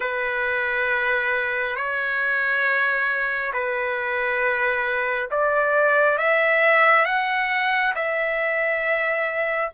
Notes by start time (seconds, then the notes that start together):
0.00 B4
1.76 C#5
3.53 B4
5.30 D5
6.18 E5
7.05 F#5
7.95 E5